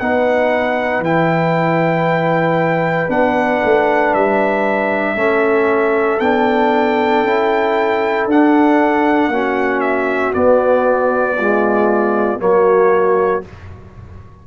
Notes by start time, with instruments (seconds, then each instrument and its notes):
0.00 tuba B3, trombone D#4, horn B4, trumpet F#5
1.00 tuba E3, trombone E4, trumpet G5
3.09 tuba B3, trombone D4, trumpet F#5
3.65 tuba A3
4.14 tuba G3, trumpet E5
5.16 tuba A3, trombone C#4, horn A4
6.20 tuba B3, trombone D4, trumpet G5
7.23 tuba C#4, trombone E4
8.27 tuba D4, trombone D4, trumpet F#5
9.28 tuba A#3, trombone C#4, horn F#4
9.81 trumpet E5
10.34 trombone B3, tuba B3, trumpet D5
11.37 trombone G#3, horn F4
12.39 tuba F#3, trombone A#3, horn F#4, trumpet C#5